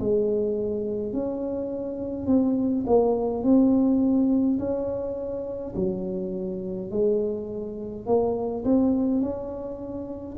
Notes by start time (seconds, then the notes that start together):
0.00 G#3
1.13 C#4
2.27 C4
2.87 A#3
3.44 C4
4.59 C#4
5.76 F#3
6.91 G#3
8.07 A#3
8.65 C4
9.22 C#4